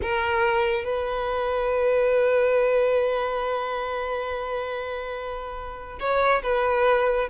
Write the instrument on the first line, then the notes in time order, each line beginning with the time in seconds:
violin
0.01 A#4
0.84 B4
5.99 C#5
6.42 B4